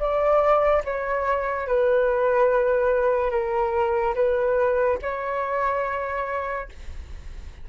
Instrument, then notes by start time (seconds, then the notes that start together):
flute
0.00 D5
0.84 C#5
1.67 B4
3.31 A#4
4.15 B4
5.02 C#5